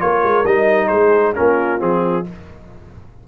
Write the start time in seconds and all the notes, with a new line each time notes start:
0.00 A#3 F4 A#4 C#5
0.24 G#3
0.46 G3 D#4 D#5
0.88 G#3 G#4 C5
1.35 A#3 C#4 F4 A#4
1.79 F3 C4 G#4